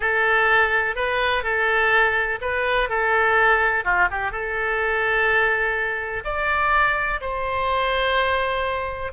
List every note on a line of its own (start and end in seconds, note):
0.00 0.95 A4
0.95 1.43 B4
1.43 2.39 A4
2.41 2.89 B4
2.89 3.84 A4
3.84 4.08 F4
4.10 4.31 G4
4.31 6.23 A4
6.24 7.20 D5
7.20 9.12 C5